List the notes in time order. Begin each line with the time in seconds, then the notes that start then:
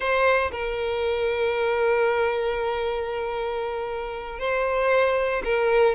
0.00 C5
0.51 A#4
4.39 C5
5.44 A#4